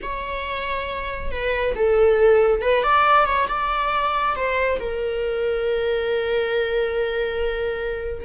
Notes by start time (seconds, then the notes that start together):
0.02 C#5
1.31 B4
1.75 A4
2.61 B4
2.83 D5
3.25 C#5
3.48 D5
4.35 C5
4.79 A#4